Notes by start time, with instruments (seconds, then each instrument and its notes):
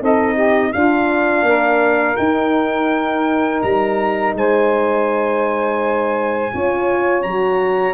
0.00 tuba C4, horn D#4, saxophone A4, trumpet D#5
0.34 saxophone G4
0.72 horn D4, tuba D4, saxophone F4, trumpet F5
1.42 tuba A#3, saxophone A#4
2.17 tuba D#4, horn D#4, trumpet G5
3.62 tuba G3, trumpet A#5
4.34 tuba G#3, saxophone C5, trumpet G#5
6.52 tuba C#4, horn F4, saxophone C#5
7.22 tuba F#3, horn F#4, trumpet A#5